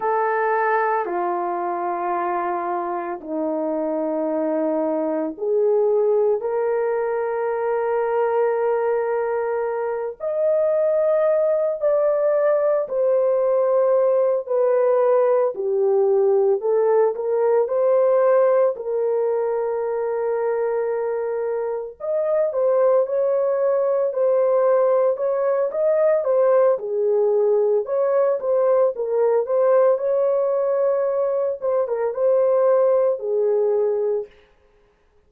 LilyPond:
\new Staff \with { instrumentName = "horn" } { \time 4/4 \tempo 4 = 56 a'4 f'2 dis'4~ | dis'4 gis'4 ais'2~ | ais'4. dis''4. d''4 | c''4. b'4 g'4 a'8 |
ais'8 c''4 ais'2~ ais'8~ | ais'8 dis''8 c''8 cis''4 c''4 cis''8 | dis''8 c''8 gis'4 cis''8 c''8 ais'8 c''8 | cis''4. c''16 ais'16 c''4 gis'4 | }